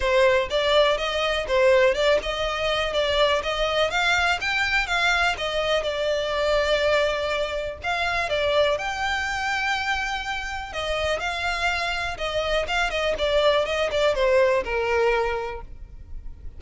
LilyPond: \new Staff \with { instrumentName = "violin" } { \time 4/4 \tempo 4 = 123 c''4 d''4 dis''4 c''4 | d''8 dis''4. d''4 dis''4 | f''4 g''4 f''4 dis''4 | d''1 |
f''4 d''4 g''2~ | g''2 dis''4 f''4~ | f''4 dis''4 f''8 dis''8 d''4 | dis''8 d''8 c''4 ais'2 | }